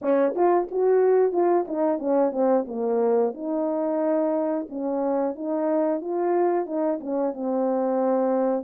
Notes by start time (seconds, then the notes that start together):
0.01 C#4
0.35 F4
0.71 F#4
1.32 F4
1.67 D#4
1.98 C#4
2.32 C4
2.67 A#3
3.33 D#4
4.69 C#4
5.35 D#4
6.01 F4
6.65 D#4
7.00 C#4
7.33 C4